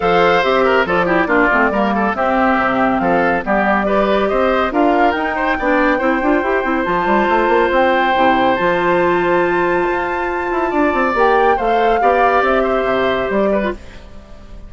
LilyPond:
<<
  \new Staff \with { instrumentName = "flute" } { \time 4/4 \tempo 4 = 140 f''4 e''4 d''2~ | d''4 e''2 f''4 | d''2 dis''4 f''4 | g''1 |
a''2 g''2 | a''1~ | a''2 g''4 f''4~ | f''4 e''2 d''4 | }
  \new Staff \with { instrumentName = "oboe" } { \time 4/4 c''4. ais'8 a'8 g'8 f'4 | ais'8 a'8 g'2 a'4 | g'4 b'4 c''4 ais'4~ | ais'8 c''8 d''4 c''2~ |
c''1~ | c''1~ | c''4 d''2 c''4 | d''4. c''2 b'8 | }
  \new Staff \with { instrumentName = "clarinet" } { \time 4/4 a'4 g'4 f'8 e'8 d'8 c'8 | ais4 c'2. | b4 g'2 f'4 | dis'4 d'4 e'8 f'8 g'8 e'8 |
f'2. e'4 | f'1~ | f'2 g'4 a'4 | g'2.~ g'8. f'16 | }
  \new Staff \with { instrumentName = "bassoon" } { \time 4/4 f4 c'4 f4 ais8 a8 | g4 c'4 c4 f4 | g2 c'4 d'4 | dis'4 b4 c'8 d'8 e'8 c'8 |
f8 g8 a8 ais8 c'4 c4 | f2. f'4~ | f'8 e'8 d'8 c'8 ais4 a4 | b4 c'4 c4 g4 | }
>>